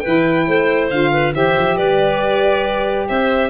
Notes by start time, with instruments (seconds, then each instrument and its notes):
0.00 saxophone E4, clarinet B4, violin G5
0.06 tuba E3
0.47 tuba A3, clarinet C5
0.90 tuba D3, saxophone F4, violin F5
1.13 clarinet B4
1.34 tuba E3, saxophone G4, clarinet C5, violin E5
1.58 tuba F3
1.77 tuba G3, clarinet B4, violin D5
3.09 tuba C4, clarinet C5, violin E5